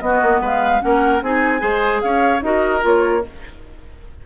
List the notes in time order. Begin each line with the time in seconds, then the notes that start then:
0.00 B3 F#4 D#5
0.22 A#3
0.41 G#3 B4 F5
0.80 A#3 C#4 A#4 F#5
1.22 C4 D#4 G#4 G#5
1.59 G#3 G#4 C5
2.02 C#4 C#5 F5
2.42 D#4 F#4 A#4 D#5
2.80 A#3 F4 C#5